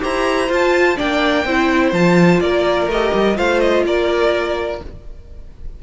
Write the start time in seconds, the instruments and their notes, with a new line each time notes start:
0.00 cello E4, viola G4, violin C5 A#5
0.49 viola F4, cello F4, violin A5
0.96 cello A#3, viola D4, violin D5 G5
1.45 cello C4, viola E4, violin C5
1.92 cello F3, viola F4, violin A5
2.40 cello A#3, violin A#4 D5
2.87 cello A3, viola G4, violin D#5
3.14 cello G3
3.35 cello A3, viola F4, violin C5 F5
3.60 violin D#5
3.85 cello A#3, violin A#4 D5